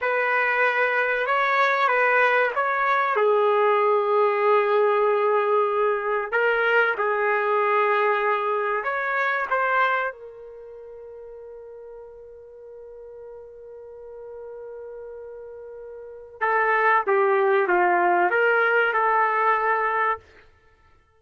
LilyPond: \new Staff \with { instrumentName = "trumpet" } { \time 4/4 \tempo 4 = 95 b'2 cis''4 b'4 | cis''4 gis'2.~ | gis'2 ais'4 gis'4~ | gis'2 cis''4 c''4 |
ais'1~ | ais'1~ | ais'2 a'4 g'4 | f'4 ais'4 a'2 | }